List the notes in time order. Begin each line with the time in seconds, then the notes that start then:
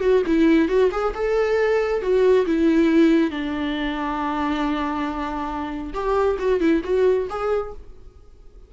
0.00 F#4
0.26 E4
0.68 F#4
0.91 G#4
1.14 A4
2.01 F#4
2.46 E4
3.30 D4
5.93 G4
6.38 F#4
6.59 E4
6.84 F#4
7.29 G#4